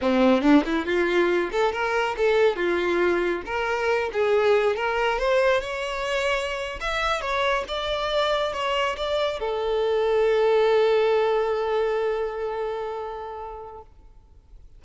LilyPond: \new Staff \with { instrumentName = "violin" } { \time 4/4 \tempo 4 = 139 c'4 d'8 e'8 f'4. a'8 | ais'4 a'4 f'2 | ais'4. gis'4. ais'4 | c''4 cis''2~ cis''8. e''16~ |
e''8. cis''4 d''2 cis''16~ | cis''8. d''4 a'2~ a'16~ | a'1~ | a'1 | }